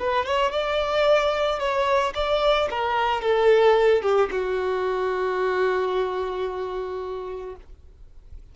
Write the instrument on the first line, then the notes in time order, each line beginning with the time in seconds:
violin
0.00 B4
0.26 C#5
0.52 D5
1.60 C#5
2.15 D5
2.71 A#4
3.22 A4
4.03 G4
4.32 F#4